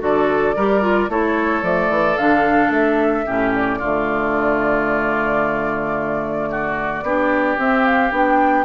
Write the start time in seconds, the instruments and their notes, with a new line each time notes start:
0.00 bassoon D3, clarinet F#4, oboe A4, flute D5
0.56 bassoon G3, clarinet G4, oboe A#4
0.82 clarinet F4
1.09 bassoon A3, clarinet E4, oboe A4, flute C#5
1.63 bassoon F3, clarinet A3, flute D5
1.90 bassoon E3
2.18 bassoon D3, clarinet D4, flute F5
2.70 bassoon A3, flute E5
3.26 bassoon A2, clarinet C#4, oboe G4
3.56 flute D5
3.79 bassoon D3, clarinet A3, oboe F4
6.50 oboe F#4
7.03 bassoon B3, clarinet D4, oboe G4
7.58 clarinet C4, bassoon C4, flute E5
7.86 flute F5
8.12 bassoon B3, clarinet D4, flute G5